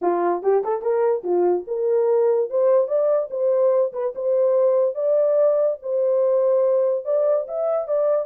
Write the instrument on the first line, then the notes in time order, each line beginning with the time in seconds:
horn
0.01 F4
0.42 G4
0.64 A4
0.81 A#4
1.23 F4
1.67 A#4
2.50 C5
2.87 D5
3.30 C5
3.92 B4
4.15 C5
4.94 D5
5.82 C5
7.05 D5
7.47 E5
7.87 D5